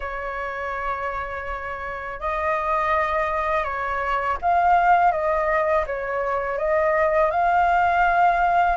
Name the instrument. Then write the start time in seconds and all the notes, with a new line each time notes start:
flute
0.00 C#5
2.20 D#5
3.64 C#5
4.41 F5
5.11 D#5
5.86 C#5
6.58 D#5
7.30 F5